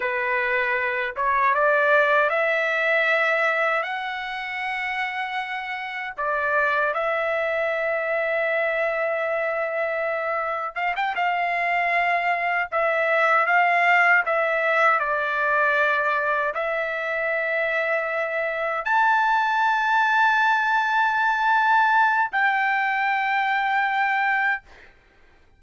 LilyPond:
\new Staff \with { instrumentName = "trumpet" } { \time 4/4 \tempo 4 = 78 b'4. cis''8 d''4 e''4~ | e''4 fis''2. | d''4 e''2.~ | e''2 f''16 g''16 f''4.~ |
f''8 e''4 f''4 e''4 d''8~ | d''4. e''2~ e''8~ | e''8 a''2.~ a''8~ | a''4 g''2. | }